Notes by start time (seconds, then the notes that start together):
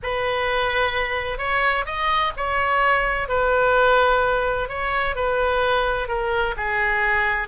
0.02 B4
1.38 C#5
1.85 D#5
2.37 C#5
3.28 B4
4.68 C#5
5.15 B4
6.08 A#4
6.56 G#4